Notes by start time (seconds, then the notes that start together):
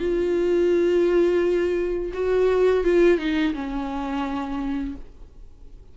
0.00 F4
2.14 F#4
2.84 F4
3.19 D#4
3.54 C#4